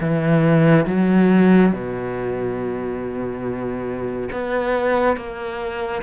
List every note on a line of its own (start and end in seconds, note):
0.00 0.86 E3
0.86 1.72 F#3
1.72 4.29 B2
4.32 5.17 B3
5.17 6.02 A#3